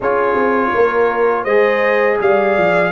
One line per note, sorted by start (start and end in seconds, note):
0.00 0.35 C#4
0.00 1.47 F4
0.00 0.70 G#4
0.00 1.44 C#5
0.35 0.71 C4
0.73 1.44 A#3
0.73 1.44 A#4
1.44 2.18 G#3
1.44 2.91 G#4
1.44 2.17 C5
1.44 2.17 D#5
2.20 2.57 G3
2.20 2.91 D5
2.20 2.91 F5
2.57 2.91 F3